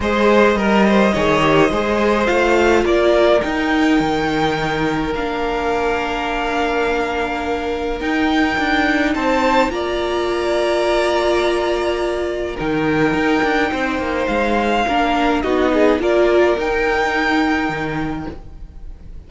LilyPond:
<<
  \new Staff \with { instrumentName = "violin" } { \time 4/4 \tempo 4 = 105 dis''1 | f''4 d''4 g''2~ | g''4 f''2.~ | f''2 g''2 |
a''4 ais''2.~ | ais''2 g''2~ | g''4 f''2 dis''4 | d''4 g''2. | }
  \new Staff \with { instrumentName = "violin" } { \time 4/4 c''4 ais'8 c''8 cis''4 c''4~ | c''4 ais'2.~ | ais'1~ | ais'1 |
c''4 d''2.~ | d''2 ais'2 | c''2 ais'4 fis'8 gis'8 | ais'1 | }
  \new Staff \with { instrumentName = "viola" } { \time 4/4 gis'4 ais'4 gis'8 g'8 gis'4 | f'2 dis'2~ | dis'4 d'2.~ | d'2 dis'2~ |
dis'4 f'2.~ | f'2 dis'2~ | dis'2 d'4 dis'4 | f'4 dis'2. | }
  \new Staff \with { instrumentName = "cello" } { \time 4/4 gis4 g4 dis4 gis4 | a4 ais4 dis'4 dis4~ | dis4 ais2.~ | ais2 dis'4 d'4 |
c'4 ais2.~ | ais2 dis4 dis'8 d'8 | c'8 ais8 gis4 ais4 b4 | ais4 dis'2 dis4 | }
>>